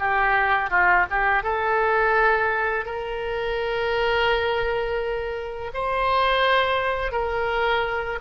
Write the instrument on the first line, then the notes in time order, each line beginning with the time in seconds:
oboe
0.00 G4
0.70 F4
1.11 G4
1.43 A4
2.86 A#4
5.74 C5
7.12 A#4